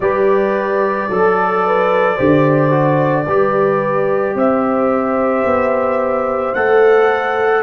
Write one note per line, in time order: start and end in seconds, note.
0.00 1.08 G3
0.00 1.10 G4
0.00 1.10 B4
0.00 4.37 D5
1.09 2.18 F#3
1.09 1.64 A4
1.09 2.18 A4
1.66 2.15 B4
2.15 3.27 D3
2.15 2.70 G4
2.15 3.24 C5
2.70 3.25 F#4
3.27 4.34 G3
3.27 6.55 G4
3.27 4.36 B4
4.34 5.43 C4
4.34 7.63 C5
4.34 6.54 E5
5.44 6.53 B3
6.54 7.63 A3
6.54 7.63 A4
6.54 7.63 F#5